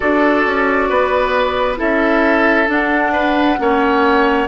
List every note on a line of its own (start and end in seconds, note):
0.00 0.46 D4
0.00 1.76 F#4
0.00 0.89 A4
0.00 1.76 D5
0.46 0.89 C#4
0.89 1.79 B3
0.89 1.78 B4
1.76 2.68 C#4
1.76 2.65 E4
1.76 3.12 A4
1.76 2.69 E5
2.67 3.57 D4
2.67 4.47 F#5
3.12 3.57 B4
3.57 4.47 A#3
3.57 4.47 C#4
3.57 4.47 C#5